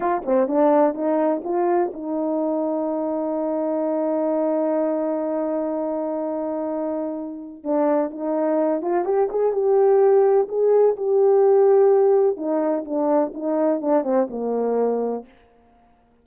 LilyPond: \new Staff \with { instrumentName = "horn" } { \time 4/4 \tempo 4 = 126 f'8 c'8 d'4 dis'4 f'4 | dis'1~ | dis'1~ | dis'1 |
d'4 dis'4. f'8 g'8 gis'8 | g'2 gis'4 g'4~ | g'2 dis'4 d'4 | dis'4 d'8 c'8 ais2 | }